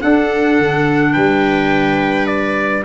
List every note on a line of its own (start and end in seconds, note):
0.00 2.83 D4
0.00 0.59 D4
0.00 1.13 A4
0.00 1.13 F#5
0.59 1.16 D3
1.13 2.85 G3
1.13 2.83 B4
1.13 2.26 G5
2.27 2.83 D5